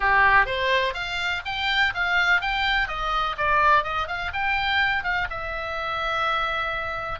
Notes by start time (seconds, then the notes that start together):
0.00 G4
0.46 C5
0.94 F5
1.45 G5
1.94 F5
2.41 G5
2.88 D#5
3.37 D5
3.83 D#5
4.07 F5
4.33 G5
5.03 F5
5.30 E5